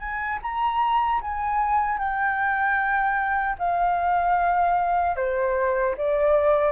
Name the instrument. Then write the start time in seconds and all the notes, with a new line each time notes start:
flute
0.00 G#5
0.42 A#5
1.22 G#5
1.98 G5
3.59 F5
5.16 C5
5.98 D5